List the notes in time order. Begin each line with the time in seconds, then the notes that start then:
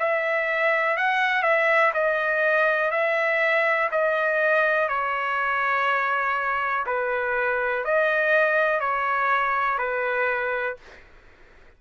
0.00 E5
0.97 F#5
1.43 E5
1.94 D#5
2.92 E5
3.92 D#5
4.89 C#5
6.86 B4
7.85 D#5
8.81 C#5
9.79 B4